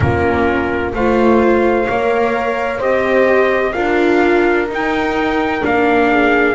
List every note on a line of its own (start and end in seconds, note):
0.00 0.93 A#3
0.00 0.94 C#4
0.00 0.95 F4
0.00 0.92 A#4
0.93 1.87 A3
0.93 1.87 F4
0.93 1.88 C5
0.93 2.81 F5
1.87 2.80 A#3
1.87 2.79 A#4
1.87 2.78 C#5
2.78 3.74 C4
2.78 3.72 G4
2.78 3.72 C5
2.78 3.72 D#5
3.72 4.68 D4
3.72 4.67 F4
3.72 6.08 A#4
3.72 4.66 F5
4.68 5.62 D#4
4.68 5.61 D#4
4.68 5.65 G5
5.61 6.54 A#3
5.61 6.54 D4
5.61 6.54 F5
6.11 6.54 G#4